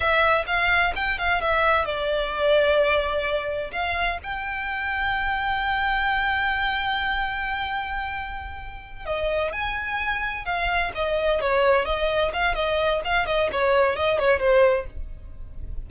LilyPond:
\new Staff \with { instrumentName = "violin" } { \time 4/4 \tempo 4 = 129 e''4 f''4 g''8 f''8 e''4 | d''1 | f''4 g''2.~ | g''1~ |
g''2.~ g''8 dis''8~ | dis''8 gis''2 f''4 dis''8~ | dis''8 cis''4 dis''4 f''8 dis''4 | f''8 dis''8 cis''4 dis''8 cis''8 c''4 | }